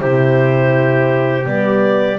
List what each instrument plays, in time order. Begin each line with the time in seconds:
0.00 double bass C3, horn E4, trumpet G4, clarinet C5
1.44 double bass G3, horn B3, clarinet D5